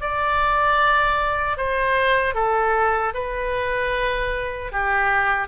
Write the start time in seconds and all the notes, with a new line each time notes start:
0.00 D5
1.57 C5
2.34 A4
3.14 B4
4.72 G4